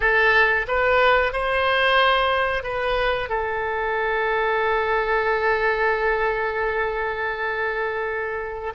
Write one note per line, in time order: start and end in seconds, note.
0.00 0.66 A4
0.67 1.32 B4
1.32 2.63 C5
2.63 3.29 B4
3.29 8.73 A4